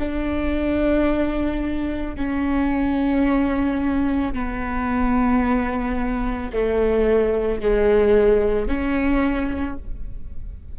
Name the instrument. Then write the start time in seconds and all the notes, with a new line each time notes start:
viola
0.00 D4
2.16 C#4
4.34 B3
6.53 A3
7.61 G#3
8.68 C#4